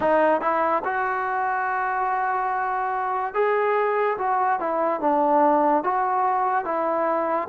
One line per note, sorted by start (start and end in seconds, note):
0.00 0.41 D#4
0.41 0.83 E4
0.84 3.33 F#4
3.33 4.17 G#4
4.17 4.59 F#4
4.59 5.00 E4
5.00 5.83 D4
5.83 6.64 F#4
6.64 7.48 E4